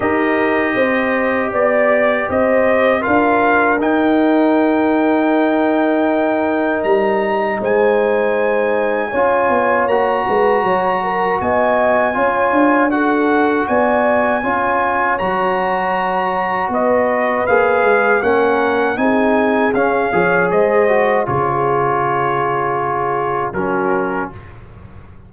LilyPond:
<<
  \new Staff \with { instrumentName = "trumpet" } { \time 4/4 \tempo 4 = 79 dis''2 d''4 dis''4 | f''4 g''2.~ | g''4 ais''4 gis''2~ | gis''4 ais''2 gis''4~ |
gis''4 fis''4 gis''2 | ais''2 dis''4 f''4 | fis''4 gis''4 f''4 dis''4 | cis''2. ais'4 | }
  \new Staff \with { instrumentName = "horn" } { \time 4/4 ais'4 c''4 d''4 c''4 | ais'1~ | ais'2 c''2 | cis''4. b'8 cis''8 ais'8 dis''4 |
cis''4 a'4 d''4 cis''4~ | cis''2 b'2 | ais'4 gis'4. cis''8 c''4 | gis'2. fis'4 | }
  \new Staff \with { instrumentName = "trombone" } { \time 4/4 g'1 | f'4 dis'2.~ | dis'1 | f'4 fis'2. |
f'4 fis'2 f'4 | fis'2. gis'4 | cis'4 dis'4 cis'8 gis'4 fis'8 | f'2. cis'4 | }
  \new Staff \with { instrumentName = "tuba" } { \time 4/4 dis'4 c'4 b4 c'4 | d'4 dis'2.~ | dis'4 g4 gis2 | cis'8 b8 ais8 gis8 fis4 b4 |
cis'8 d'4. b4 cis'4 | fis2 b4 ais8 gis8 | ais4 c'4 cis'8 f8 gis4 | cis2. fis4 | }
>>